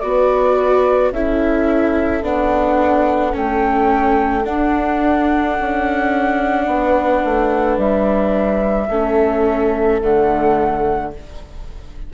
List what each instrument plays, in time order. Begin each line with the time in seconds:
0.00 bassoon B3, viola F#4, horn B4, flute D5
1.12 bassoon C#4, viola E4, horn A4, flute E5
2.22 bassoon B3, viola D4, flute F#5
3.32 bassoon A3, viola C#4, flute G5
4.44 viola D4, bassoon D4, flute F#5
5.60 bassoon C#4
6.67 bassoon B3, horn B4
7.25 bassoon A3
7.78 bassoon G3, flute E5
8.89 bassoon A3, viola C#4, horn A4
10.01 bassoon D3, viola A3, flute F#5